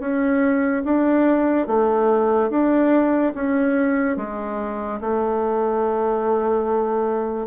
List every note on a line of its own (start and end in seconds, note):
0.00 0.83 C#4
0.85 1.67 D4
1.67 2.50 A3
2.50 3.33 D4
3.35 4.17 C#4
4.17 5.00 G#3
5.01 7.47 A3